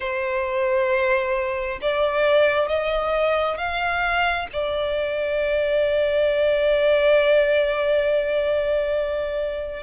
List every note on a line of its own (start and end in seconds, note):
0.00 1.79 C5
1.81 2.68 D5
2.68 3.57 D#5
3.57 4.47 F5
4.52 9.83 D5